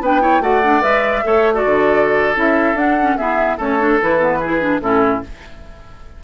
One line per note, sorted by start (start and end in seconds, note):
0.00 0.39 B3
0.00 0.20 D4
0.00 0.21 B4
0.00 0.42 G5
0.20 0.41 E4
0.20 0.41 C#5
0.39 0.80 A3
0.39 0.61 F#4
0.39 1.24 D5
0.39 0.82 F#5
0.63 0.81 D4
0.81 1.23 G#3
0.81 1.22 B4
0.81 1.53 E5
1.23 1.65 A3
1.23 1.53 A4
1.23 1.53 C#5
1.53 2.35 F#4
1.53 3.17 A4
1.53 2.36 D5
1.65 2.35 D3
2.35 2.74 C#4
2.35 2.75 E4
2.35 2.77 E5
2.74 3.15 D4
2.74 2.97 D4
2.74 3.17 F#5
3.01 3.17 C#4
3.17 3.58 B3
3.17 3.59 E4
3.17 3.57 G#4
3.17 3.58 E5
3.57 3.99 A3
3.57 3.79 C#4
3.57 4.38 A4
3.57 4.00 C#5
3.79 3.99 D4
4.02 4.80 E3
4.02 4.19 E4
4.02 4.80 B4
4.19 4.40 B3
4.39 4.60 E4
4.39 4.80 G#4
4.60 4.80 D4
4.80 5.21 A2
4.80 5.22 C#4
4.80 5.23 E4
4.80 5.21 A4